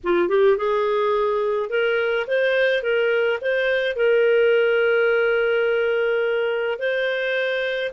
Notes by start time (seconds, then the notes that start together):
0.03 F4
0.29 G4
0.57 G#4
1.69 A#4
2.27 C5
2.82 A#4
3.41 C5
3.95 A#4
6.78 C5